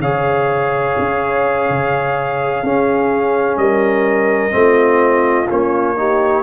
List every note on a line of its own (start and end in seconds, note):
0.00 0.95 C#3
0.00 2.65 G#4
0.00 2.64 C#5
0.00 3.58 F5
0.99 1.69 C#4
1.69 2.63 C#3
2.63 3.57 C#4
2.63 4.51 C#4
2.63 3.59 G#4
3.57 4.52 G3
3.57 4.56 A#4
3.57 5.48 D#5
4.51 5.49 A3
4.51 5.46 C4
4.51 5.98 F4
5.51 6.43 A#3
5.51 5.97 C#4
5.51 6.43 C#5
5.97 6.43 D#4
5.97 6.43 G4